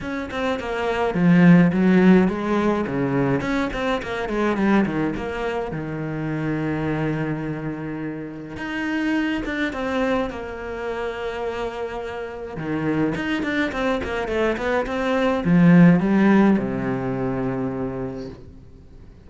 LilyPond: \new Staff \with { instrumentName = "cello" } { \time 4/4 \tempo 4 = 105 cis'8 c'8 ais4 f4 fis4 | gis4 cis4 cis'8 c'8 ais8 gis8 | g8 dis8 ais4 dis2~ | dis2. dis'4~ |
dis'8 d'8 c'4 ais2~ | ais2 dis4 dis'8 d'8 | c'8 ais8 a8 b8 c'4 f4 | g4 c2. | }